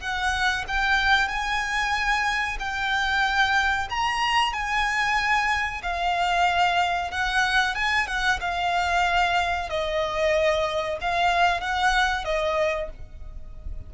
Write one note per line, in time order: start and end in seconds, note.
0.00 0.65 F#5
0.68 1.28 G5
1.28 2.57 G#5
2.59 3.88 G5
3.90 4.53 A#5
4.53 5.82 G#5
5.83 7.11 F5
7.11 7.75 F#5
7.75 8.07 G#5
8.07 8.39 F#5
8.40 9.69 F5
9.69 10.98 D#5
11.01 11.60 F5
11.60 12.25 F#5
12.25 12.89 D#5